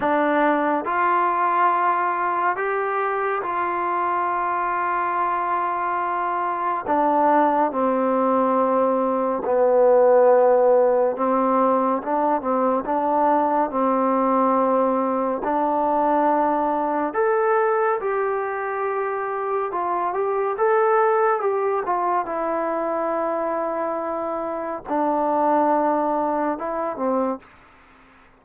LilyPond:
\new Staff \with { instrumentName = "trombone" } { \time 4/4 \tempo 4 = 70 d'4 f'2 g'4 | f'1 | d'4 c'2 b4~ | b4 c'4 d'8 c'8 d'4 |
c'2 d'2 | a'4 g'2 f'8 g'8 | a'4 g'8 f'8 e'2~ | e'4 d'2 e'8 c'8 | }